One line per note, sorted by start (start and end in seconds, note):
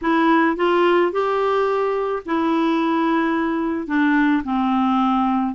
0.01 0.56 E4
0.56 1.11 F4
1.11 2.22 G4
2.25 3.87 E4
3.87 4.42 D4
4.44 5.55 C4